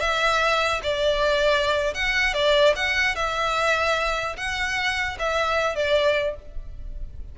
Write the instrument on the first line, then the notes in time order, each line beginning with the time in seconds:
violin
0.00 E5
0.83 D5
1.94 F#5
2.34 D5
2.76 F#5
3.15 E5
4.37 F#5
5.19 E5
5.75 D5